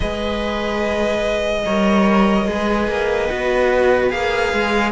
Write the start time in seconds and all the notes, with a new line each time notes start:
0.00 G#3 G#4 B4 D#5
1.65 G3 A#4 C#5
2.47 G#3 G#4 B4
2.88 A#3
3.28 B3 F#4
4.10 A#3 G#4 F5
4.52 G#3